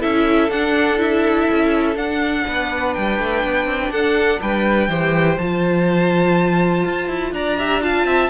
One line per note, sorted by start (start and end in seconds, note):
0.00 0.48 C#4
0.00 0.49 E4
0.00 2.44 A4
0.00 0.50 E5
0.48 1.46 D4
0.48 0.97 D4
0.48 0.99 F#5
0.97 1.94 E4
0.97 1.97 E5
1.50 1.95 C#4
1.95 2.44 D4
1.95 4.88 D4
1.95 2.94 F#5
2.47 2.96 B3
2.47 3.91 B4
2.94 3.19 G3
2.94 3.91 G5
3.19 3.43 A3
3.43 3.65 B3
3.65 3.90 C4
3.90 4.39 D4
3.90 4.40 A4
3.90 4.40 F#5
4.41 4.88 G3
4.41 4.89 B4
4.41 5.37 G5
4.88 5.37 E3
4.88 5.38 G4
4.88 7.33 C5
5.37 6.85 F3
5.37 7.58 F4
5.37 7.33 A5
6.85 7.08 F4
7.08 7.31 E4
7.31 8.04 D4
7.31 7.58 D5
7.31 7.82 A#5
7.58 7.81 G4
7.58 7.82 E5
7.81 8.29 F4
7.81 8.06 F5
7.81 8.29 A5
8.04 8.28 C4
8.04 8.29 E5